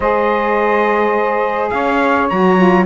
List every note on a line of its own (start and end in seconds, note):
0.00 1.70 G#3
0.00 2.30 G#4
0.00 1.71 C5
0.00 1.69 D#5
1.69 2.30 C#4
1.69 2.85 C#5
1.69 2.27 F5
2.29 2.85 F#3
2.29 2.57 F#4
2.29 2.85 A#5
2.57 2.85 F4